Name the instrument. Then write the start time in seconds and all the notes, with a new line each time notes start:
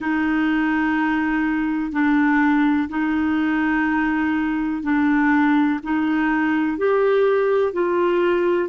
clarinet
0.00 D#4
1.91 D4
2.89 D#4
4.82 D4
5.83 D#4
6.77 G4
7.72 F4